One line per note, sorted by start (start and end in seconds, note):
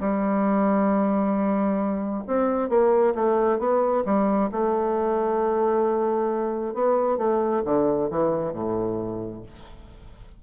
0.00 2.24 G3
2.27 2.69 C4
2.69 3.14 A#3
3.15 3.59 A3
3.59 4.04 B3
4.05 4.50 G3
4.51 6.74 A3
6.74 7.18 B3
7.18 7.63 A3
7.65 8.10 D3
8.10 8.53 E3
8.53 9.43 A2